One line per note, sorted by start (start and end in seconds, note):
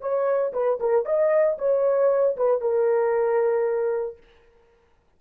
0.00 0.52 C#5
0.53 0.79 B4
0.79 1.05 A#4
1.05 1.57 D#5
1.58 2.36 C#5
2.36 2.61 B4
2.61 4.17 A#4